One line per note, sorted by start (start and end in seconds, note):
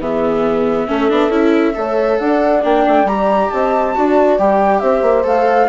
0.00 0.88 E3
0.00 0.87 B3
0.00 0.88 G#4
0.00 2.19 E5
0.87 1.10 A3
0.87 1.09 C#4
0.87 1.76 A4
1.09 1.28 B3
1.09 1.30 D4
1.28 1.72 C#4
1.28 1.74 E4
1.75 2.20 A3
1.75 2.61 A4
1.75 2.20 C#5
2.19 2.63 D4
2.19 3.52 D5
2.19 2.62 F#5
2.61 2.86 A#3
2.61 3.05 D4
2.61 3.07 G5
2.88 3.04 A3
3.04 3.48 G3
3.04 3.95 G4
3.04 3.50 A#5
3.50 3.97 C4
3.50 3.96 D#5
3.50 4.37 A5
3.95 4.38 D4
3.95 4.38 F#4
3.95 4.81 D5
4.38 4.82 G3
4.38 5.24 G4
4.38 4.79 G5
4.79 5.02 C4
4.79 5.68 C5
4.79 5.23 E5
5.02 5.23 A#3
5.24 5.68 A3
5.24 5.68 A4
5.24 5.68 F5